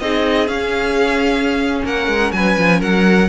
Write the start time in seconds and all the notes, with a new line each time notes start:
0.00 C4 D#4 G#4 D#5
0.48 C#4 F5
1.85 A#3 A#4 F#5
2.08 G#3
2.32 F#3 B4 G#5
2.58 F3
2.80 F#3 A#4 F#5